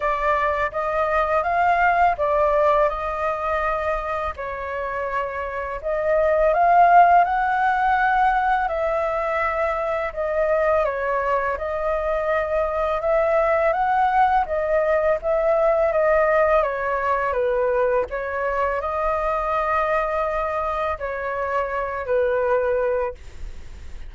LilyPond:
\new Staff \with { instrumentName = "flute" } { \time 4/4 \tempo 4 = 83 d''4 dis''4 f''4 d''4 | dis''2 cis''2 | dis''4 f''4 fis''2 | e''2 dis''4 cis''4 |
dis''2 e''4 fis''4 | dis''4 e''4 dis''4 cis''4 | b'4 cis''4 dis''2~ | dis''4 cis''4. b'4. | }